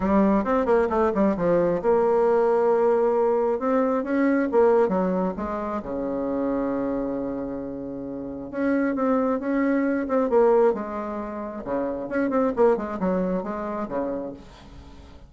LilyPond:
\new Staff \with { instrumentName = "bassoon" } { \time 4/4 \tempo 4 = 134 g4 c'8 ais8 a8 g8 f4 | ais1 | c'4 cis'4 ais4 fis4 | gis4 cis2.~ |
cis2. cis'4 | c'4 cis'4. c'8 ais4 | gis2 cis4 cis'8 c'8 | ais8 gis8 fis4 gis4 cis4 | }